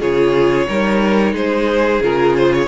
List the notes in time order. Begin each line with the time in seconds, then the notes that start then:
0.00 C#3 F4 G#4 C#5
0.68 G3 D#4 A#4
1.33 G#3 G#4 C5
2.01 C#3 F4 A#4
2.37 C5
2.53 C#5